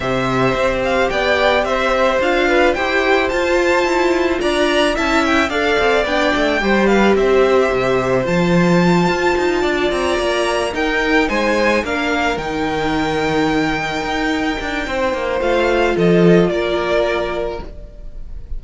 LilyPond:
<<
  \new Staff \with { instrumentName = "violin" } { \time 4/4 \tempo 4 = 109 e''4. f''8 g''4 e''4 | f''4 g''4 a''2 | ais''4 a''8 g''8 f''4 g''4~ | g''8 f''8 e''2 a''4~ |
a''2 ais''4. g''8~ | g''8 gis''4 f''4 g''4.~ | g''1 | f''4 dis''4 d''2 | }
  \new Staff \with { instrumentName = "violin" } { \time 4/4 c''2 d''4 c''4~ | c''8 b'8 c''2. | d''4 e''4 d''2 | c''8 b'8 c''2.~ |
c''4. d''2 ais'8~ | ais'8 c''4 ais'2~ ais'8~ | ais'2. c''4~ | c''4 a'4 ais'2 | }
  \new Staff \with { instrumentName = "viola" } { \time 4/4 g'1 | f'4 g'4 f'2~ | f'4 e'4 a'4 d'4 | g'2. f'4~ |
f'2.~ f'8 dis'8~ | dis'4. d'4 dis'4.~ | dis'1 | f'1 | }
  \new Staff \with { instrumentName = "cello" } { \time 4/4 c4 c'4 b4 c'4 | d'4 e'4 f'4 e'4 | d'4 cis'4 d'8 c'8 b8 a8 | g4 c'4 c4 f4~ |
f8 f'8 dis'8 d'8 c'8 ais4 dis'8~ | dis'8 gis4 ais4 dis4.~ | dis4. dis'4 d'8 c'8 ais8 | a4 f4 ais2 | }
>>